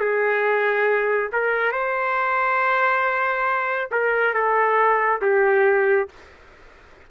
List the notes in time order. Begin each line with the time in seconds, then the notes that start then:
0.00 G#4
1.33 A#4
1.72 C5
3.91 A#4
4.34 A4
5.22 G4